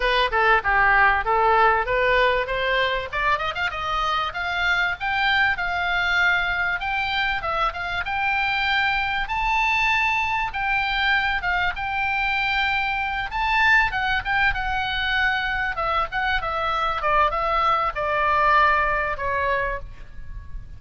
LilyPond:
\new Staff \with { instrumentName = "oboe" } { \time 4/4 \tempo 4 = 97 b'8 a'8 g'4 a'4 b'4 | c''4 d''8 dis''16 f''16 dis''4 f''4 | g''4 f''2 g''4 | e''8 f''8 g''2 a''4~ |
a''4 g''4. f''8 g''4~ | g''4. a''4 fis''8 g''8 fis''8~ | fis''4. e''8 fis''8 e''4 d''8 | e''4 d''2 cis''4 | }